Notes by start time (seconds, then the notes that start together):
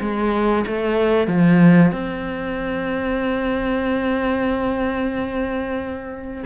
0.00 G#3
0.66 A3
1.27 F3
1.91 C4